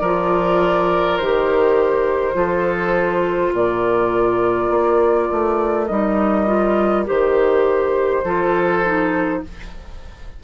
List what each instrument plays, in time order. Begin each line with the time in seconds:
0.00 bassoon F3, clarinet F4, oboe A#4, flute D5
1.17 bassoon D#3, clarinet G4, flute C5
2.34 bassoon F3, clarinet F4, oboe A4
3.53 bassoon A#2, oboe A#4, flute D5
4.70 bassoon A#3
5.31 bassoon A3
5.86 bassoon G3, clarinet D#4, flute D#5
6.47 clarinet F4
7.05 bassoon D#3, clarinet G4, flute C5
8.24 bassoon F3, clarinet F4, oboe A4
8.84 clarinet D#4